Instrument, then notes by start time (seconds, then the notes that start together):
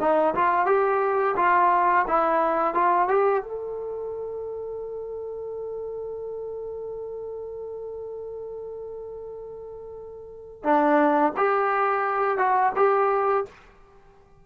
trombone
0.00 D#4
0.35 F4
0.66 G4
1.36 F4
2.08 E4
2.74 F4
3.08 G4
3.42 A4
10.63 D4
11.37 G4
12.38 F#4
12.76 G4